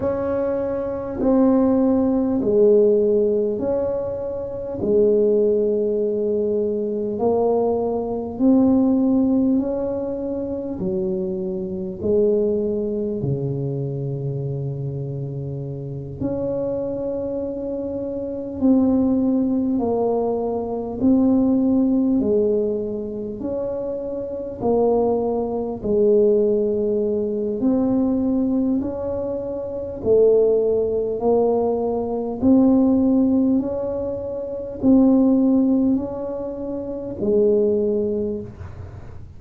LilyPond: \new Staff \with { instrumentName = "tuba" } { \time 4/4 \tempo 4 = 50 cis'4 c'4 gis4 cis'4 | gis2 ais4 c'4 | cis'4 fis4 gis4 cis4~ | cis4. cis'2 c'8~ |
c'8 ais4 c'4 gis4 cis'8~ | cis'8 ais4 gis4. c'4 | cis'4 a4 ais4 c'4 | cis'4 c'4 cis'4 gis4 | }